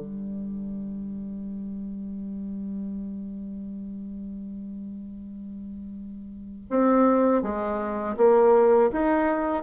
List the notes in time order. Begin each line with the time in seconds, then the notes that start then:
0.00 G3
6.70 C4
7.43 G#3
8.17 A#3
8.92 D#4